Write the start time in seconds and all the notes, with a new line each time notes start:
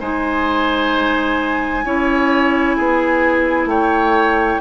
0.00 G#3 D#4 C5 G#5
1.85 C#4 E4 C#5
2.77 B3 G#4
3.65 A3 C#5 G5